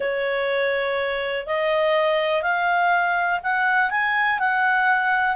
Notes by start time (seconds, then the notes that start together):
0.00 C#5
1.46 D#5
2.42 F5
3.43 F#5
3.90 G#5
4.39 F#5